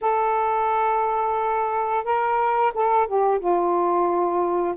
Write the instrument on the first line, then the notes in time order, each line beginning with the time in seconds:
saxophone
0.01 A4
2.04 A#4
2.73 A4
3.07 G4
3.39 F4